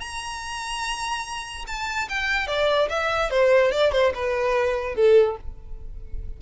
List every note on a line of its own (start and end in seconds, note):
0.00 1.66 A#5
1.67 2.09 A5
2.09 2.48 G5
2.48 2.89 D5
2.89 3.30 E5
3.30 3.72 C5
3.72 3.92 D5
3.92 4.13 C5
4.15 4.95 B4
4.95 5.37 A4